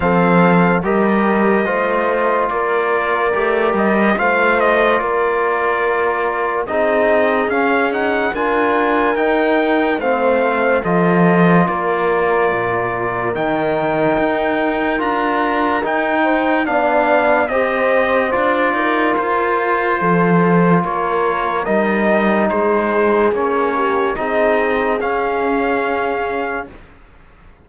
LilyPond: <<
  \new Staff \with { instrumentName = "trumpet" } { \time 4/4 \tempo 4 = 72 f''4 dis''2 d''4~ | d''8 dis''8 f''8 dis''8 d''2 | dis''4 f''8 fis''8 gis''4 g''4 | f''4 dis''4 d''2 |
g''2 ais''4 g''4 | f''4 dis''4 d''4 c''4~ | c''4 cis''4 dis''4 c''4 | cis''4 dis''4 f''2 | }
  \new Staff \with { instrumentName = "horn" } { \time 4/4 a'4 ais'4 c''4 ais'4~ | ais'4 c''4 ais'2 | gis'2 ais'2 | c''4 a'4 ais'2~ |
ais'2.~ ais'8 c''8 | d''4 c''4. ais'4. | a'4 ais'2 gis'4~ | gis'8 g'8 gis'2. | }
  \new Staff \with { instrumentName = "trombone" } { \time 4/4 c'4 g'4 f'2 | g'4 f'2. | dis'4 cis'8 dis'8 f'4 dis'4 | c'4 f'2. |
dis'2 f'4 dis'4 | d'4 g'4 f'2~ | f'2 dis'2 | cis'4 dis'4 cis'2 | }
  \new Staff \with { instrumentName = "cello" } { \time 4/4 f4 g4 a4 ais4 | a8 g8 a4 ais2 | c'4 cis'4 d'4 dis'4 | a4 f4 ais4 ais,4 |
dis4 dis'4 d'4 dis'4 | b4 c'4 d'8 dis'8 f'4 | f4 ais4 g4 gis4 | ais4 c'4 cis'2 | }
>>